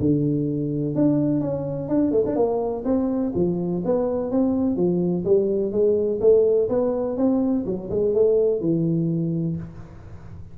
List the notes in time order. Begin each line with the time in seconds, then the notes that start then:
0.00 D3
0.95 D4
1.41 C#4
1.89 D4
2.12 A3
2.26 D4
2.36 A#3
2.85 C4
3.35 F3
3.85 B3
4.31 C4
4.77 F3
5.25 G3
5.72 G#3
6.21 A3
6.69 B3
7.17 C4
7.66 F#3
7.90 G#3
8.14 A3
8.61 E3